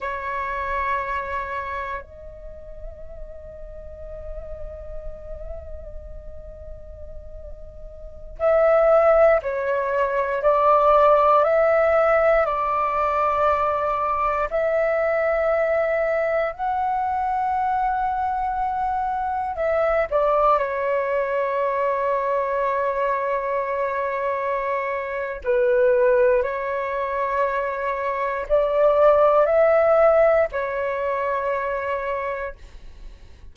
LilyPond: \new Staff \with { instrumentName = "flute" } { \time 4/4 \tempo 4 = 59 cis''2 dis''2~ | dis''1~ | dis''16 e''4 cis''4 d''4 e''8.~ | e''16 d''2 e''4.~ e''16~ |
e''16 fis''2. e''8 d''16~ | d''16 cis''2.~ cis''8.~ | cis''4 b'4 cis''2 | d''4 e''4 cis''2 | }